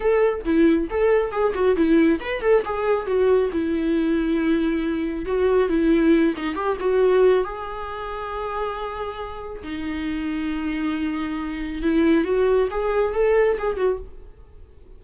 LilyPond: \new Staff \with { instrumentName = "viola" } { \time 4/4 \tempo 4 = 137 a'4 e'4 a'4 gis'8 fis'8 | e'4 b'8 a'8 gis'4 fis'4 | e'1 | fis'4 e'4. dis'8 g'8 fis'8~ |
fis'4 gis'2.~ | gis'2 dis'2~ | dis'2. e'4 | fis'4 gis'4 a'4 gis'8 fis'8 | }